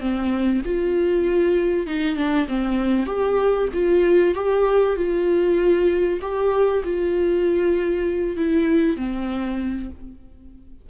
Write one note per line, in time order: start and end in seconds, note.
0.00 0.62 C4
0.65 1.87 F4
1.87 2.16 D#4
2.16 2.47 D4
2.49 3.06 C4
3.06 3.68 G4
3.73 4.35 F4
4.35 4.96 G4
4.96 6.20 F4
6.21 6.83 G4
6.84 8.36 F4
8.36 8.97 E4
8.97 9.89 C4